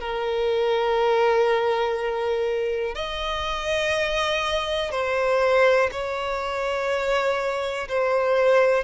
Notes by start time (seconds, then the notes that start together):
0.00 A#4
2.95 D#5
4.91 C5
5.92 C#5
7.89 C5